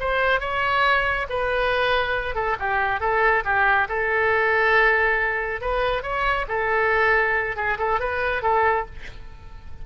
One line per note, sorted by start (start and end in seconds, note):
0.00 0.40 C5
0.40 1.27 C#5
1.30 2.35 B4
2.35 2.57 A4
2.60 3.01 G4
3.01 3.44 A4
3.45 3.88 G4
3.89 5.61 A4
5.61 6.03 B4
6.03 6.46 C#5
6.49 7.56 A4
7.56 7.78 G#4
7.79 8.00 A4
8.00 8.43 B4
8.43 8.86 A4